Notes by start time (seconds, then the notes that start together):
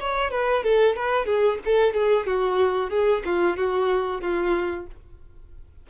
0.00 C#5
0.31 B4
0.64 A4
0.96 B4
1.26 G#4
1.65 A4
1.94 G#4
2.26 F#4
2.90 G#4
3.25 F4
3.57 F#4
4.21 F4